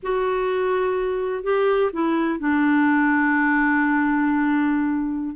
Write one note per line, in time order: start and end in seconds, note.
0.02 1.43 F#4
1.43 1.91 G4
1.92 2.39 E4
2.39 5.35 D4